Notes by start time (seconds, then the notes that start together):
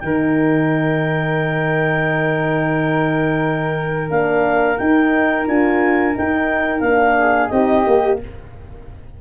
0.00 D#3 D#4 A#4 G5
4.10 A#3 D4 F5
4.78 D#4 G5
5.46 D4 F4 G#5
6.13 D#4 G5
6.80 A#3 D4 F5
7.19 G#4
7.49 C4 D#4 G4 D#5
7.86 A#3 G4